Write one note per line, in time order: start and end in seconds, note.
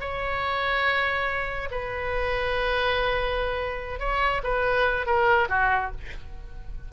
0.00 1.69 C#5
1.71 3.99 B4
3.99 4.42 C#5
4.43 5.06 B4
5.06 5.48 A#4
5.49 5.91 F#4